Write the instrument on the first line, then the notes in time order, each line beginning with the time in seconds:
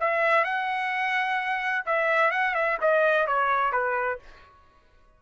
trumpet
0.00 E5
0.44 F#5
1.86 E5
2.31 F#5
2.54 E5
2.81 D#5
3.27 C#5
3.72 B4